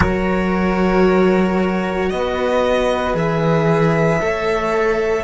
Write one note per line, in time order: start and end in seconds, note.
0.00 2.10 F#3
0.00 3.14 F#4
0.00 2.09 A#4
0.00 2.09 C#5
2.09 3.14 B3
2.09 4.23 B4
2.09 3.14 D#5
3.14 4.19 E3
3.14 4.19 G#4
3.14 5.24 E5
4.20 5.24 A3
4.20 5.24 A4
4.20 5.24 C#5